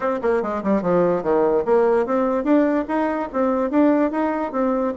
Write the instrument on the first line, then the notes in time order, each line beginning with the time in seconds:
bassoon
0.00 C4
0.22 A#3
0.42 G#3
0.63 G3
0.82 F3
1.22 D#3
1.65 A#3
2.06 C4
2.44 D4
2.87 D#4
3.32 C4
3.70 D4
4.11 D#4
4.52 C4